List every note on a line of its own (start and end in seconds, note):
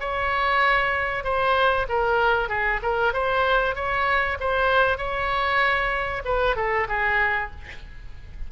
0.00 1.24 C#5
1.24 1.86 C5
1.89 2.49 A#4
2.49 2.80 G#4
2.83 3.13 A#4
3.13 3.75 C5
3.75 4.38 C#5
4.40 4.97 C5
4.97 6.22 C#5
6.25 6.56 B4
6.56 6.87 A4
6.88 7.51 G#4